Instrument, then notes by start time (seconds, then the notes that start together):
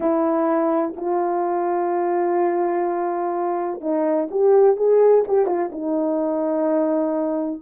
horn
0.00 E4
0.96 F4
3.81 D#4
4.30 G4
4.76 G#4
5.27 G4
5.45 F4
5.71 D#4